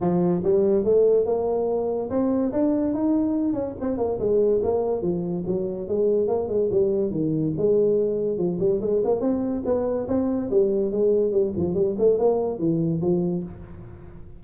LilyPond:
\new Staff \with { instrumentName = "tuba" } { \time 4/4 \tempo 4 = 143 f4 g4 a4 ais4~ | ais4 c'4 d'4 dis'4~ | dis'8 cis'8 c'8 ais8 gis4 ais4 | f4 fis4 gis4 ais8 gis8 |
g4 dis4 gis2 | f8 g8 gis8 ais8 c'4 b4 | c'4 g4 gis4 g8 f8 | g8 a8 ais4 e4 f4 | }